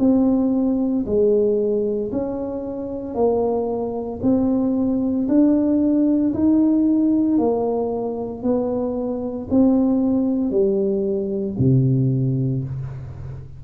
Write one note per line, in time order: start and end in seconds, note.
0.00 1.05 C4
1.06 2.11 G#3
2.12 3.15 C#4
3.15 4.20 A#3
4.22 5.28 C4
5.28 6.33 D4
6.34 7.39 D#4
7.39 8.43 A#3
8.43 9.48 B3
9.50 10.51 C4
10.51 11.56 G3
11.59 12.64 C3